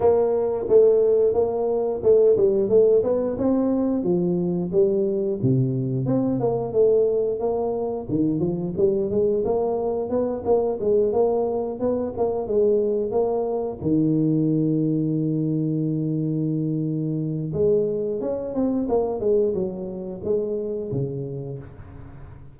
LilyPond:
\new Staff \with { instrumentName = "tuba" } { \time 4/4 \tempo 4 = 89 ais4 a4 ais4 a8 g8 | a8 b8 c'4 f4 g4 | c4 c'8 ais8 a4 ais4 | dis8 f8 g8 gis8 ais4 b8 ais8 |
gis8 ais4 b8 ais8 gis4 ais8~ | ais8 dis2.~ dis8~ | dis2 gis4 cis'8 c'8 | ais8 gis8 fis4 gis4 cis4 | }